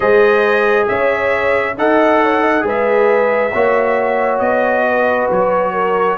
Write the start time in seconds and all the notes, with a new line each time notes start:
0.00 G#3 G#4 C5 D#5
0.88 C#4 C#5 E5
1.77 D#4 A4 D#5 F#5
2.22 C#5
2.41 D#5
2.60 G#3 G#4 B4
2.68 E5
3.53 A#3 F#4 C#5
4.39 B3 D#5
4.86 B4
5.30 F#3 C#5
5.72 A#4